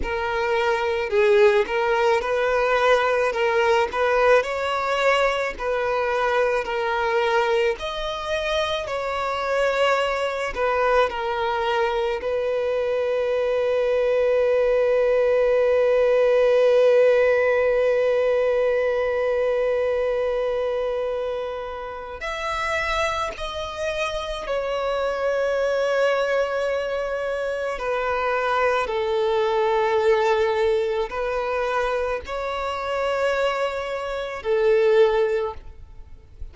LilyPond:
\new Staff \with { instrumentName = "violin" } { \time 4/4 \tempo 4 = 54 ais'4 gis'8 ais'8 b'4 ais'8 b'8 | cis''4 b'4 ais'4 dis''4 | cis''4. b'8 ais'4 b'4~ | b'1~ |
b'1 | e''4 dis''4 cis''2~ | cis''4 b'4 a'2 | b'4 cis''2 a'4 | }